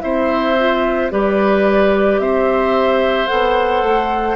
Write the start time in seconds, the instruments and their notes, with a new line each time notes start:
0.00 bassoon C4, clarinet E4, oboe C5, flute E5
0.58 clarinet F4
1.10 bassoon G3, clarinet G4, oboe B4, flute D5
2.18 bassoon C4, oboe C5, flute E5
3.27 bassoon B3, clarinet A4, flute F#5
3.82 bassoon A3